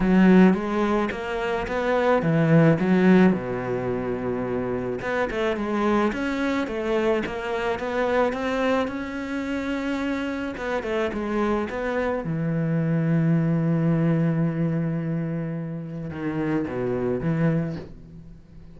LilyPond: \new Staff \with { instrumentName = "cello" } { \time 4/4 \tempo 4 = 108 fis4 gis4 ais4 b4 | e4 fis4 b,2~ | b,4 b8 a8 gis4 cis'4 | a4 ais4 b4 c'4 |
cis'2. b8 a8 | gis4 b4 e2~ | e1~ | e4 dis4 b,4 e4 | }